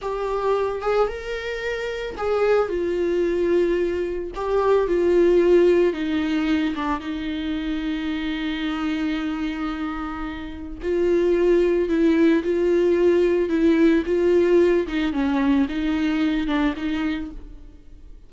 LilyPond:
\new Staff \with { instrumentName = "viola" } { \time 4/4 \tempo 4 = 111 g'4. gis'8 ais'2 | gis'4 f'2. | g'4 f'2 dis'4~ | dis'8 d'8 dis'2.~ |
dis'1 | f'2 e'4 f'4~ | f'4 e'4 f'4. dis'8 | cis'4 dis'4. d'8 dis'4 | }